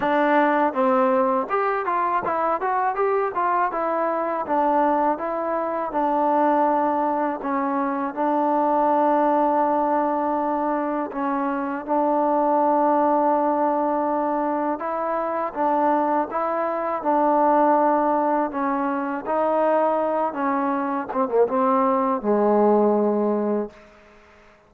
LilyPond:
\new Staff \with { instrumentName = "trombone" } { \time 4/4 \tempo 4 = 81 d'4 c'4 g'8 f'8 e'8 fis'8 | g'8 f'8 e'4 d'4 e'4 | d'2 cis'4 d'4~ | d'2. cis'4 |
d'1 | e'4 d'4 e'4 d'4~ | d'4 cis'4 dis'4. cis'8~ | cis'8 c'16 ais16 c'4 gis2 | }